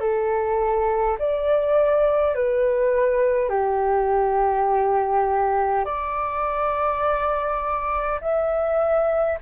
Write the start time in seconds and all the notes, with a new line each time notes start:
0.00 A4
1.19 D5
2.35 B4
3.50 G4
5.85 D5
8.21 E5